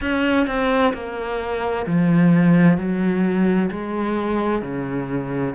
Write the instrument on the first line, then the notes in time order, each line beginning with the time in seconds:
cello
0.01 C#4
0.47 C4
0.93 A#3
1.86 F3
2.77 F#3
3.70 G#3
4.62 C#3